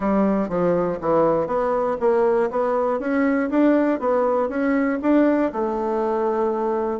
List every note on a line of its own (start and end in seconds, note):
0.00 0.48 G3
0.48 0.98 F3
1.00 1.46 E3
1.46 1.96 B3
2.00 2.50 A#3
2.50 2.99 B3
2.99 3.49 C#4
3.50 3.99 D4
3.99 4.48 B3
4.48 4.98 C#4
5.02 5.52 D4
5.52 7.00 A3